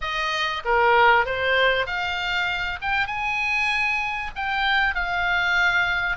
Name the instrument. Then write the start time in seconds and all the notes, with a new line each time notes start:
oboe
0.01 D#5
0.64 A#4
1.25 C5
1.86 F5
2.81 G5
3.06 G#5
4.35 G5
4.95 F5